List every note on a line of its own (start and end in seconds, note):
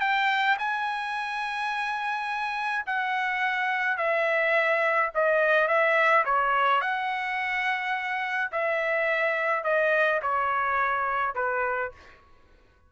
0.00 0.57 G5
0.58 2.85 G#5
2.86 3.97 F#5
3.97 5.10 E5
5.15 5.67 D#5
5.67 6.24 E5
6.25 6.81 C#5
6.81 8.51 F#5
8.51 9.64 E5
9.64 10.20 D#5
10.22 11.35 C#5
11.35 11.92 B4